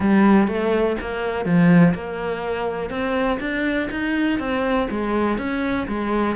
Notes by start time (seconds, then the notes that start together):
0.00 G3
0.47 A3
1.00 A#3
1.45 F3
1.94 A#3
2.90 C4
3.40 D4
3.90 D#4
4.39 C4
4.90 G#3
5.37 C#4
5.88 G#3